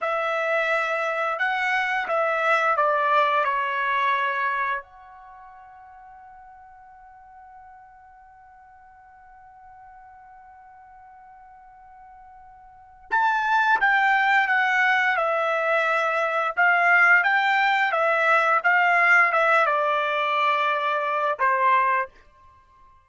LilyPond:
\new Staff \with { instrumentName = "trumpet" } { \time 4/4 \tempo 4 = 87 e''2 fis''4 e''4 | d''4 cis''2 fis''4~ | fis''1~ | fis''1~ |
fis''2. a''4 | g''4 fis''4 e''2 | f''4 g''4 e''4 f''4 | e''8 d''2~ d''8 c''4 | }